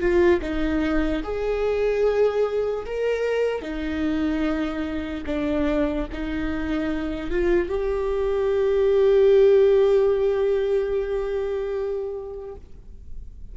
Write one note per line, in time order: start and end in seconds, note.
0.00 0.41 F4
0.42 1.23 D#4
1.23 2.86 G#4
2.86 3.62 A#4
3.62 5.24 D#4
5.26 6.07 D4
6.13 7.31 D#4
7.31 7.69 F4
7.69 12.56 G4